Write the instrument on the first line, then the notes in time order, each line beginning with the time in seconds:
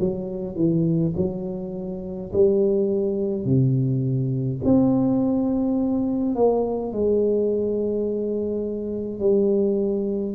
tuba
0.00 F#3
0.56 E3
1.16 F#3
2.33 G3
3.45 C3
4.65 C4
6.35 A#3
6.92 G#3
9.20 G3